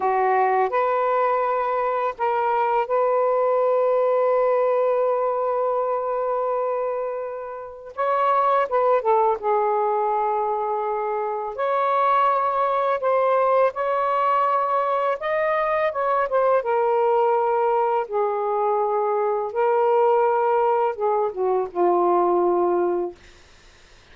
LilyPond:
\new Staff \with { instrumentName = "saxophone" } { \time 4/4 \tempo 4 = 83 fis'4 b'2 ais'4 | b'1~ | b'2. cis''4 | b'8 a'8 gis'2. |
cis''2 c''4 cis''4~ | cis''4 dis''4 cis''8 c''8 ais'4~ | ais'4 gis'2 ais'4~ | ais'4 gis'8 fis'8 f'2 | }